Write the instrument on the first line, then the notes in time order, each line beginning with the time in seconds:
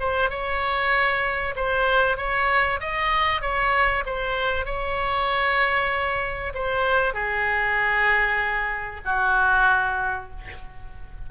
oboe
0.00 C5
0.30 C#5
1.56 C5
2.17 C#5
2.80 D#5
3.41 C#5
4.06 C5
4.66 C#5
6.55 C5
7.14 G#4
9.05 F#4